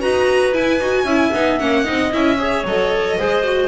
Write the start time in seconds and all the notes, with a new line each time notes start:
0.00 D#4 F#4 B4 A#5
0.53 E4 G#5
0.80 D#4 F#4
1.04 C#4 E4 E5
1.33 B3 D#4
1.59 A#3 C#4 F#5
1.83 C4 D#4 D#5
2.11 C#4 E4 E5
2.38 G#4 C#5
2.64 F#3 A4 D#5
3.17 G#3 G#4 C5
3.43 F#4